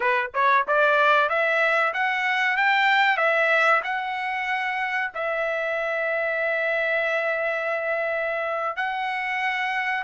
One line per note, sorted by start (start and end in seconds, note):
0.00 0.30 B4
0.34 0.66 C#5
0.67 1.29 D5
1.29 1.93 E5
1.93 2.56 F#5
2.56 3.17 G5
3.17 3.81 E5
3.83 5.11 F#5
5.14 8.76 E5
8.76 10.04 F#5